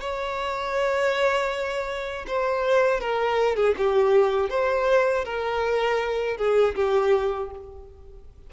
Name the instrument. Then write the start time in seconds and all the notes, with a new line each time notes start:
violin
0.00 C#5
2.27 C5
3.00 A#4
3.56 G#4
3.77 G4
4.49 C5
5.24 A#4
6.37 G#4
6.75 G4